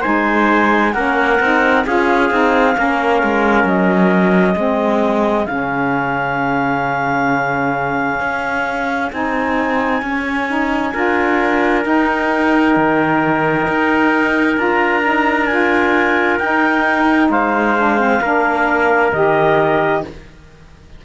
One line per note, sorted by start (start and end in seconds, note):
0.00 0.92 D#4
0.00 0.91 C5
0.00 0.93 G#5
0.06 0.94 G#3
0.93 1.39 A#3
0.93 1.39 C#4
0.93 1.85 A#4
0.93 1.84 F#5
1.40 1.85 C4
1.40 1.86 D#4
1.86 2.30 C#4
1.86 2.30 F4
1.86 2.77 G#4
1.86 3.67 F5
2.30 2.76 C4
2.30 2.74 D#4
2.74 3.23 A#3
2.74 4.55 C#4
2.74 4.57 A#4
3.23 3.64 G#3
3.64 4.55 F#3
3.64 5.46 D#5
4.55 5.46 G#3
4.55 5.46 C4
4.55 10.93 G#4
5.46 8.20 C#3
5.46 9.11 C#4
5.46 9.09 F5
8.20 9.11 C#4
9.11 10.02 C4
9.11 10.02 D#4
9.11 11.85 G#5
10.02 10.93 C#4
10.02 10.48 C#4
10.48 10.93 D#4
10.93 11.85 D4
10.93 11.82 F4
10.93 17.29 A#4
11.82 14.55 D#4
11.82 12.76 D#4
11.82 14.58 G5
12.76 13.67 D#3
13.68 14.57 D#4
14.56 16.39 D4
14.56 15.01 F4
14.56 15.46 A#5
15.03 15.48 D#4
15.46 16.40 F4
15.46 16.37 G#5
16.38 17.29 D#4
16.38 17.77 D#4
16.38 17.29 G5
17.29 18.20 G#3
17.29 18.21 C5
17.29 19.12 F5
17.77 17.99 D4
17.99 18.21 C4
18.21 19.12 A#3
18.21 19.12 D4
18.21 20.03 A#4
19.12 20.03 D#3
19.12 20.04 G4
19.12 20.03 D#5